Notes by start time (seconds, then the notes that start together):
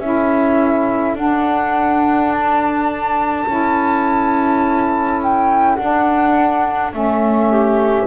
0.00 C#4 E4 A4 E5
1.15 D4 F#5
2.32 A5
3.47 C#4 E4
5.23 G5
5.76 D4 F#5
6.92 A3 C#4 E5
7.50 G4